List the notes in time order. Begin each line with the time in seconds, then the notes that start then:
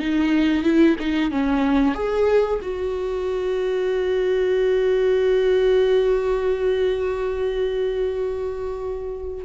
0.00 D#4
0.64 E4
1.00 D#4
1.32 C#4
1.95 G#4
2.62 F#4